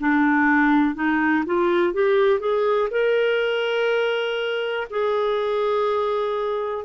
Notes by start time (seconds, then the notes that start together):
0.00 D4
0.95 D#4
1.46 F4
1.93 G4
2.40 G#4
2.90 A#4
4.90 G#4